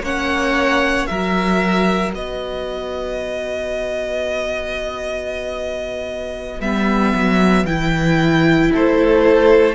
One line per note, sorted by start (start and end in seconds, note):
0.00 1.05 A#3
0.00 1.08 C#4
0.00 1.09 C#5
0.00 1.06 F#5
1.06 2.15 F#3
1.06 6.61 F#4
1.06 2.14 A#4
1.06 2.11 E5
2.14 6.60 B3
2.14 8.72 B4
2.14 6.61 D#5
6.60 7.13 G3
6.60 7.67 B3
6.60 7.66 E5
7.14 7.64 F#3
7.64 8.70 E3
7.64 9.75 E4
7.64 8.71 G5
8.72 9.75 A3
8.72 9.75 A4
8.72 9.75 C5